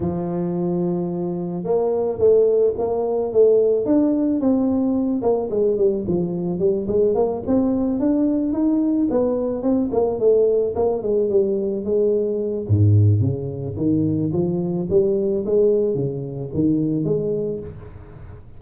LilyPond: \new Staff \with { instrumentName = "tuba" } { \time 4/4 \tempo 4 = 109 f2. ais4 | a4 ais4 a4 d'4 | c'4. ais8 gis8 g8 f4 | g8 gis8 ais8 c'4 d'4 dis'8~ |
dis'8 b4 c'8 ais8 a4 ais8 | gis8 g4 gis4. gis,4 | cis4 dis4 f4 g4 | gis4 cis4 dis4 gis4 | }